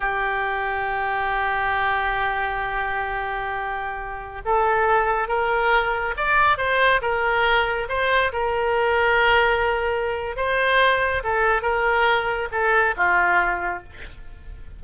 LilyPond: \new Staff \with { instrumentName = "oboe" } { \time 4/4 \tempo 4 = 139 g'1~ | g'1~ | g'2~ g'16 a'4.~ a'16~ | a'16 ais'2 d''4 c''8.~ |
c''16 ais'2 c''4 ais'8.~ | ais'1 | c''2 a'4 ais'4~ | ais'4 a'4 f'2 | }